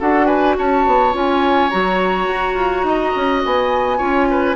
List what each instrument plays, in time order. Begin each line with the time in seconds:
0.00 bassoon D4, clarinet F#4, oboe A4, flute F#5
0.26 oboe B4, flute G#5
0.58 bassoon C#4, oboe C#5, flute A5
0.87 bassoon B3
1.13 bassoon C#4, clarinet F4, flute G#5
1.70 bassoon F#3, clarinet F#4, flute A#5
2.28 bassoon F#4
2.54 bassoon F4
2.84 bassoon D#4, oboe D#5
3.16 bassoon C#4
3.45 bassoon B3, flute G#5
3.98 bassoon C#4, clarinet F4, oboe C#5
4.31 oboe B4